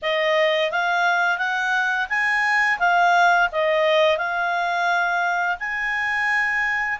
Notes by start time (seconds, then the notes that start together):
0.02 D#5
0.71 F5
1.38 F#5
2.09 G#5
2.79 F5
3.51 D#5
4.17 F5
5.59 G#5